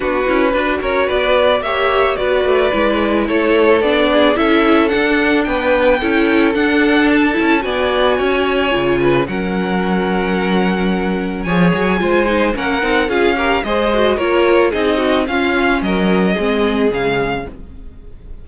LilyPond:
<<
  \new Staff \with { instrumentName = "violin" } { \time 4/4 \tempo 4 = 110 b'4. cis''8 d''4 e''4 | d''2 cis''4 d''4 | e''4 fis''4 g''2 | fis''4 a''4 gis''2~ |
gis''4 fis''2.~ | fis''4 gis''2 fis''4 | f''4 dis''4 cis''4 dis''4 | f''4 dis''2 f''4 | }
  \new Staff \with { instrumentName = "violin" } { \time 4/4 fis'4 b'8 ais'8 b'4 cis''4 | b'2 a'4. gis'8 | a'2 b'4 a'4~ | a'2 d''4 cis''4~ |
cis''8 b'8 ais'2.~ | ais'4 cis''4 c''4 ais'4 | gis'8 ais'8 c''4 ais'4 gis'8 fis'8 | f'4 ais'4 gis'2 | }
  \new Staff \with { instrumentName = "viola" } { \time 4/4 d'8 e'8 fis'2 g'4 | fis'4 e'2 d'4 | e'4 d'2 e'4 | d'4. e'8 fis'2 |
f'4 cis'2.~ | cis'4 gis'4 f'8 dis'8 cis'8 dis'8 | f'8 g'8 gis'8 fis'8 f'4 dis'4 | cis'2 c'4 gis4 | }
  \new Staff \with { instrumentName = "cello" } { \time 4/4 b8 cis'8 d'8 cis'8 b4 ais4 | b8 a8 gis4 a4 b4 | cis'4 d'4 b4 cis'4 | d'4. cis'8 b4 cis'4 |
cis4 fis2.~ | fis4 f8 fis8 gis4 ais8 c'8 | cis'4 gis4 ais4 c'4 | cis'4 fis4 gis4 cis4 | }
>>